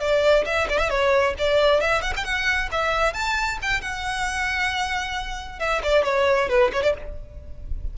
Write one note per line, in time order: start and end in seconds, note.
0.00 0.45 D5
0.45 0.67 E5
0.69 0.79 D5
0.79 0.90 E5
0.90 1.34 C#5
1.38 1.81 D5
1.81 2.02 E5
2.02 2.13 F#5
2.16 2.24 G5
2.24 2.69 F#5
2.72 3.13 E5
3.13 3.58 A5
3.62 3.81 G5
3.81 5.59 F#5
5.59 5.81 E5
5.83 6.04 D5
6.04 6.49 C#5
6.49 6.71 B4
6.73 6.83 C#5
6.83 6.94 D5